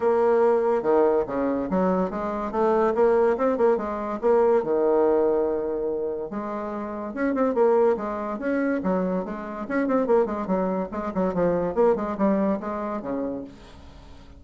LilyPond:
\new Staff \with { instrumentName = "bassoon" } { \time 4/4 \tempo 4 = 143 ais2 dis4 cis4 | fis4 gis4 a4 ais4 | c'8 ais8 gis4 ais4 dis4~ | dis2. gis4~ |
gis4 cis'8 c'8 ais4 gis4 | cis'4 fis4 gis4 cis'8 c'8 | ais8 gis8 fis4 gis8 fis8 f4 | ais8 gis8 g4 gis4 cis4 | }